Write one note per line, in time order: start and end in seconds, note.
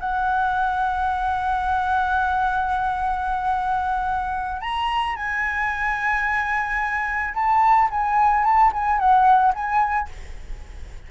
0.00 4.61 F#5
4.61 5.15 A#5
5.15 7.34 G#5
7.34 7.89 A5
7.90 8.44 G#5
8.44 8.71 A5
8.73 8.99 G#5
8.99 9.53 F#5
9.54 10.09 G#5